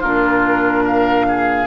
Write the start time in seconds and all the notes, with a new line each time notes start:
0.00 A#2 D4 F4 A#4
0.84 A#4 F5
1.28 G#4